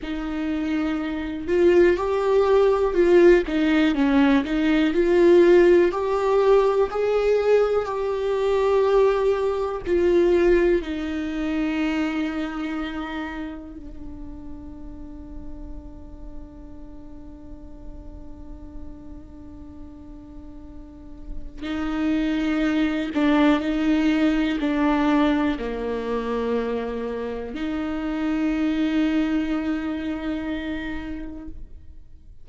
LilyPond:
\new Staff \with { instrumentName = "viola" } { \time 4/4 \tempo 4 = 61 dis'4. f'8 g'4 f'8 dis'8 | cis'8 dis'8 f'4 g'4 gis'4 | g'2 f'4 dis'4~ | dis'2 d'2~ |
d'1~ | d'2 dis'4. d'8 | dis'4 d'4 ais2 | dis'1 | }